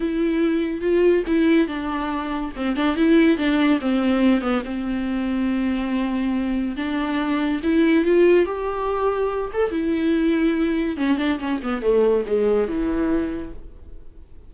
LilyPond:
\new Staff \with { instrumentName = "viola" } { \time 4/4 \tempo 4 = 142 e'2 f'4 e'4 | d'2 c'8 d'8 e'4 | d'4 c'4. b8 c'4~ | c'1 |
d'2 e'4 f'4 | g'2~ g'8 a'8 e'4~ | e'2 cis'8 d'8 cis'8 b8 | a4 gis4 e2 | }